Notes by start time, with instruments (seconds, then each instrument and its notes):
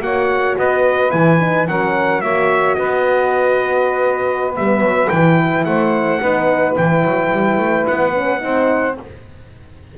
0.00 double bass A#3, horn F#4, saxophone C#5, trumpet F#5
0.58 double bass B3, saxophone B4, trumpet D#5
1.10 double bass E3, horn E4, trumpet G#5
1.39 horn D#4
1.67 double bass F#3, horn C#4, saxophone A#4, trumpet F#5
2.21 double bass A#3, horn F#4, saxophone C#5, trumpet E5
2.75 double bass B3, saxophone B4, trumpet D#5
4.55 double bass G3, horn B3, trumpet E5
4.81 double bass F#3
5.09 double bass E3, horn E4, trumpet G5
5.64 double bass A3, saxophone C5, trumpet F#5
6.21 double bass B3, horn D#4, saxophone B4
6.75 double bass E3, horn E4, trumpet G5
7.04 double bass F#3
7.32 double bass G3
7.58 double bass A3
7.87 double bass B3, trumpet F#5
8.14 horn C#4
8.39 double bass C4, horn D#4, saxophone C5